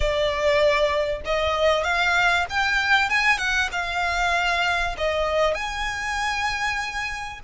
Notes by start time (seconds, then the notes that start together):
0.00 D5
1.25 D#5
1.83 F5
2.49 G5
3.09 G#5
3.38 F#5
3.72 F5
4.97 D#5
5.54 G#5